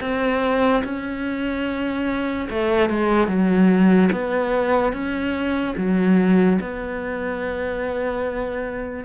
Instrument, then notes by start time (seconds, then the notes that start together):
cello
0.00 C4
0.84 C#4
2.49 A3
2.90 G#3
3.27 F#3
4.12 B3
4.92 C#4
5.77 F#3
6.61 B3